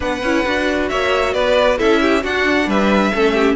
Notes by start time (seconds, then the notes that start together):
0.00 B3 D4 B4 F#5
0.23 C#4 E4
0.46 D4 F#4
0.89 A#3 C#5 E5
1.33 B3 B4 D5
1.78 C#4 E4 A4 E5
2.01 G4
2.23 D4 F#4 F#5
2.66 G3 B4 E5
3.14 A3 C#4 A4
3.33 G4